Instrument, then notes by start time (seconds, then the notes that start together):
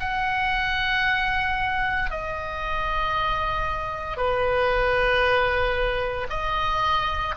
oboe
0.00 F#5
2.11 D#5
4.17 B4
6.30 D#5